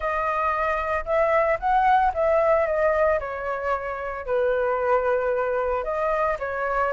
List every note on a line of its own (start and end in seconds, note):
0.00 1.04 D#5
1.05 1.58 E5
1.59 2.12 F#5
2.14 2.66 E5
2.66 3.19 D#5
3.19 4.26 C#5
4.26 5.84 B4
5.84 6.37 D#5
6.39 6.92 C#5